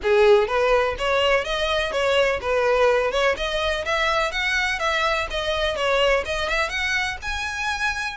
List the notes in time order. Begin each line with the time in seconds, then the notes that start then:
0.02 G#4
0.47 B4
0.98 C#5
1.44 D#5
1.92 C#5
2.41 B4
3.11 C#5
3.36 D#5
3.85 E5
4.31 F#5
4.79 E5
5.30 D#5
5.76 C#5
6.25 D#5
6.48 E5
6.69 F#5
7.22 G#5